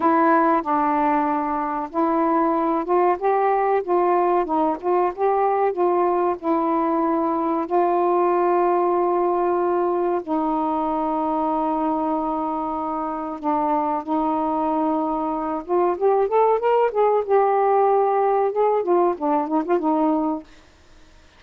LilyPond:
\new Staff \with { instrumentName = "saxophone" } { \time 4/4 \tempo 4 = 94 e'4 d'2 e'4~ | e'8 f'8 g'4 f'4 dis'8 f'8 | g'4 f'4 e'2 | f'1 |
dis'1~ | dis'4 d'4 dis'2~ | dis'8 f'8 g'8 a'8 ais'8 gis'8 g'4~ | g'4 gis'8 f'8 d'8 dis'16 f'16 dis'4 | }